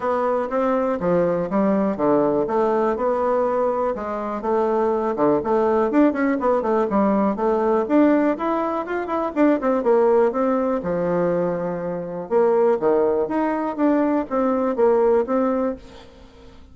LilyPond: \new Staff \with { instrumentName = "bassoon" } { \time 4/4 \tempo 4 = 122 b4 c'4 f4 g4 | d4 a4 b2 | gis4 a4. d8 a4 | d'8 cis'8 b8 a8 g4 a4 |
d'4 e'4 f'8 e'8 d'8 c'8 | ais4 c'4 f2~ | f4 ais4 dis4 dis'4 | d'4 c'4 ais4 c'4 | }